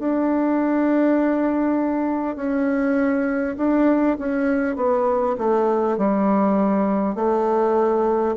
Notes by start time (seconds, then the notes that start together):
0.00 D4
2.36 C#4
3.58 D4
4.19 C#4
4.77 B3
5.38 A3
5.98 G3
7.16 A3